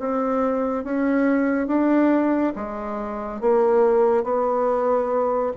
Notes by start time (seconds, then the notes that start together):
0.00 C4
0.84 C#4
1.68 D4
2.56 G#3
3.41 A#3
4.24 B3